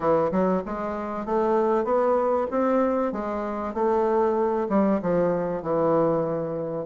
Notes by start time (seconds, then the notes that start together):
0.00 E3
0.31 F#3
0.65 G#3
1.25 A3
1.84 B3
2.50 C4
3.12 G#3
3.73 A3
4.69 G3
5.01 F3
5.62 E3